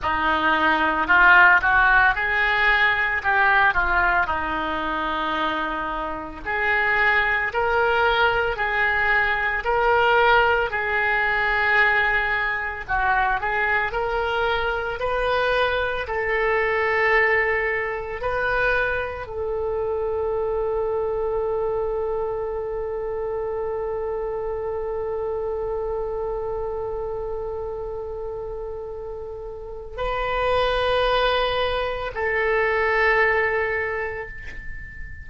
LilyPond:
\new Staff \with { instrumentName = "oboe" } { \time 4/4 \tempo 4 = 56 dis'4 f'8 fis'8 gis'4 g'8 f'8 | dis'2 gis'4 ais'4 | gis'4 ais'4 gis'2 | fis'8 gis'8 ais'4 b'4 a'4~ |
a'4 b'4 a'2~ | a'1~ | a'1 | b'2 a'2 | }